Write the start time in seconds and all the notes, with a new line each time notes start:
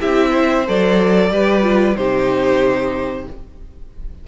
0.00 C4 E4 G4 E5
0.30 C5
0.67 F#3 A4 D5
1.30 G3 G4 B4
1.62 F4
1.96 C3 D#4 G4 C5